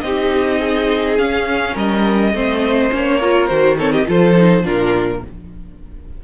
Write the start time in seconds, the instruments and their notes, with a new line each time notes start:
0.00 cello C4, viola D#4, violin G4 D#5
0.60 violin G#4
1.18 viola C#4, cello C#4, violin F5
1.73 cello G3, violin A#4 D#5
2.33 cello A3, viola C4, violin C5
2.90 cello A#3, viola C#4, violin C#5
3.19 viola F4, violin A#4
3.47 cello D#3, viola F#4, violin C5
3.78 viola C4, violin A4 C#5
3.92 violin G4 D#5
4.06 cello F3, viola F4, violin A4 C5
4.35 viola D#4
4.63 cello A#2, viola D4, violin F4 A#4